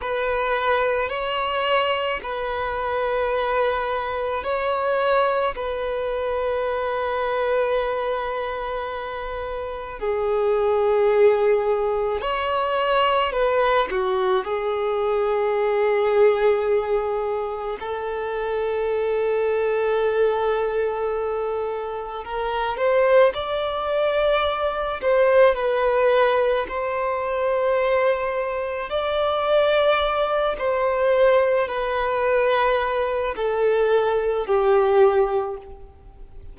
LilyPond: \new Staff \with { instrumentName = "violin" } { \time 4/4 \tempo 4 = 54 b'4 cis''4 b'2 | cis''4 b'2.~ | b'4 gis'2 cis''4 | b'8 fis'8 gis'2. |
a'1 | ais'8 c''8 d''4. c''8 b'4 | c''2 d''4. c''8~ | c''8 b'4. a'4 g'4 | }